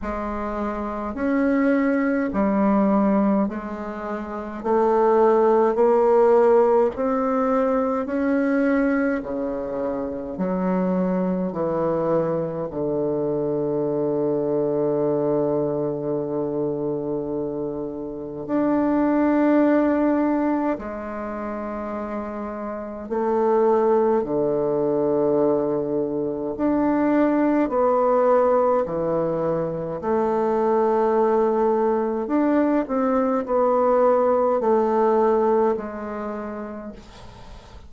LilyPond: \new Staff \with { instrumentName = "bassoon" } { \time 4/4 \tempo 4 = 52 gis4 cis'4 g4 gis4 | a4 ais4 c'4 cis'4 | cis4 fis4 e4 d4~ | d1 |
d'2 gis2 | a4 d2 d'4 | b4 e4 a2 | d'8 c'8 b4 a4 gis4 | }